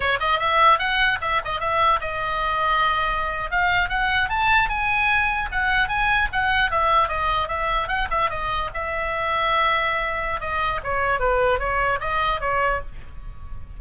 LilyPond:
\new Staff \with { instrumentName = "oboe" } { \time 4/4 \tempo 4 = 150 cis''8 dis''8 e''4 fis''4 e''8 dis''8 | e''4 dis''2.~ | dis''8. f''4 fis''4 a''4 gis''16~ | gis''4.~ gis''16 fis''4 gis''4 fis''16~ |
fis''8. e''4 dis''4 e''4 fis''16~ | fis''16 e''8 dis''4 e''2~ e''16~ | e''2 dis''4 cis''4 | b'4 cis''4 dis''4 cis''4 | }